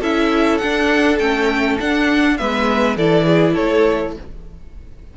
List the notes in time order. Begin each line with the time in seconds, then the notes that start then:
0.00 C#4 E4 A4 E5
0.58 D4 F#5
1.19 A3 C#4 G5
1.80 D4 F#5
2.37 G#3 B3 B4 E5
2.96 E3 E4 A4 D5
3.26 G#4
3.54 A3 A4 C#5